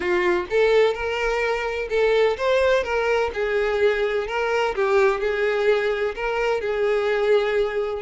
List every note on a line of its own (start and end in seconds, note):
0.00 0.46 F4
0.50 0.93 A4
0.93 1.88 A#4
1.89 2.36 A4
2.37 2.83 C5
2.83 3.30 A#4
3.33 4.27 G#4
4.27 4.74 A#4
4.75 5.20 G4
5.20 6.15 G#4
6.15 6.60 A#4
6.60 8.02 G#4